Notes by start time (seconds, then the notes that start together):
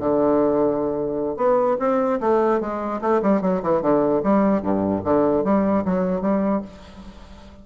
0.00 D3
1.37 B3
1.80 C4
2.20 A3
2.60 G#3
3.01 A3
3.22 G3
3.42 F#3
3.63 E3
3.82 D3
4.24 G3
4.62 G2
5.04 D3
5.44 G3
5.85 F#3
6.22 G3